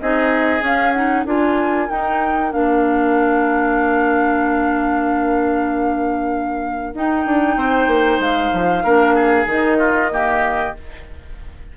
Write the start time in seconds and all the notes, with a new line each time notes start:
0.00 C4 D#4 G#4 D#5
0.60 C#4 F5
0.92 D#4 F#5
1.25 D4 F4 A#4 G#5
1.90 D#4 G5
2.51 A#3 D4 F5
6.94 D#4 G5
7.26 D4
7.56 C4 C5
7.87 A#3
8.19 G#3 F5
8.53 F3
8.83 A#3 D4 A#4
9.14 G#4
9.46 D#3 D#4 D#5
9.78 F4
10.11 A#3 G4